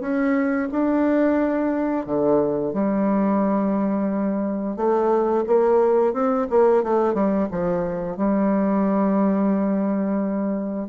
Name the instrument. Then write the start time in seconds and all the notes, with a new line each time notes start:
bassoon
0.00 C#4
0.71 D4
2.06 D3
2.73 G3
4.76 A3
5.47 A#3
6.13 C4
6.50 A#3
6.83 A3
7.14 G3
7.51 F3
8.16 G3